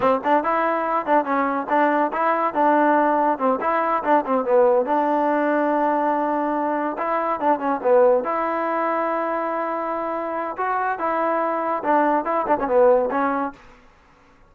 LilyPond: \new Staff \with { instrumentName = "trombone" } { \time 4/4 \tempo 4 = 142 c'8 d'8 e'4. d'8 cis'4 | d'4 e'4 d'2 | c'8 e'4 d'8 c'8 b4 d'8~ | d'1~ |
d'8 e'4 d'8 cis'8 b4 e'8~ | e'1~ | e'4 fis'4 e'2 | d'4 e'8 d'16 cis'16 b4 cis'4 | }